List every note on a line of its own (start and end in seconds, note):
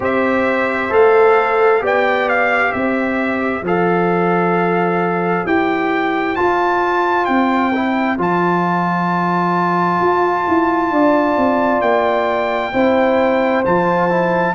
0.00 0.90 C4
0.00 0.90 G4
0.00 1.83 C5
0.00 0.93 E5
0.90 1.81 A3
0.90 1.80 A4
0.90 1.84 F5
1.80 2.72 B3
1.80 3.62 G4
1.80 2.69 D5
1.80 2.29 G5
2.29 2.72 F5
2.69 3.62 C4
2.69 10.87 C5
2.69 3.63 E5
3.62 5.43 F3
3.62 5.47 A4
3.62 5.46 F5
5.46 6.37 E4
5.46 6.36 G4
5.46 6.35 G5
6.35 7.72 F4
6.35 7.27 F4
6.35 7.25 A5
7.25 8.18 C4
7.25 8.16 G5
7.74 8.17 E4
8.17 10.00 F3
8.17 12.72 F4
8.17 11.81 A5
10.00 10.45 F4
10.48 10.91 E4
10.91 11.36 D4
10.91 12.73 D5
11.37 11.81 C4
11.81 12.72 A#3
11.81 13.63 G5
12.73 13.64 C4
12.73 13.64 E4
12.73 14.55 C5
13.65 14.55 F3
13.65 14.09 F4
13.65 14.55 A5
14.09 14.55 E4